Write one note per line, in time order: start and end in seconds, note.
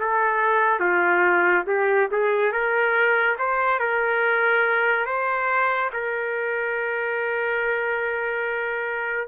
0.00 0.80 A4
0.80 1.65 F4
1.67 2.09 G4
2.12 2.52 G#4
2.52 3.37 A#4
3.39 3.80 C5
3.80 5.06 A#4
5.06 5.90 C5
5.93 9.28 A#4